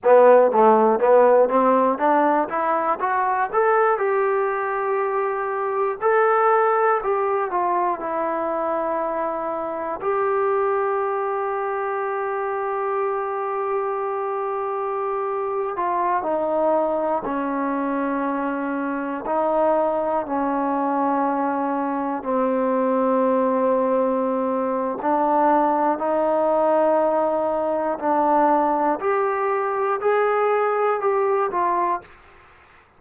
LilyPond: \new Staff \with { instrumentName = "trombone" } { \time 4/4 \tempo 4 = 60 b8 a8 b8 c'8 d'8 e'8 fis'8 a'8 | g'2 a'4 g'8 f'8 | e'2 g'2~ | g'2.~ g'8. f'16~ |
f'16 dis'4 cis'2 dis'8.~ | dis'16 cis'2 c'4.~ c'16~ | c'4 d'4 dis'2 | d'4 g'4 gis'4 g'8 f'8 | }